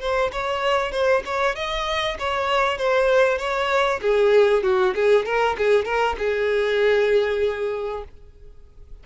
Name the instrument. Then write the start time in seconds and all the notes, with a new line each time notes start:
violin
0.00 C5
0.32 C#5
0.91 C5
1.25 C#5
1.55 D#5
2.18 C#5
2.77 C5
3.38 C#5
4.01 G#4
4.63 F#4
4.95 G#4
5.25 A#4
5.57 G#4
5.85 A#4
6.18 G#4